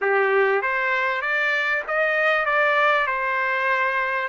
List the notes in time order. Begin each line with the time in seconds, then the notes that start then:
0.01 G4
0.62 C5
1.21 D5
1.87 D#5
2.45 D5
3.06 C5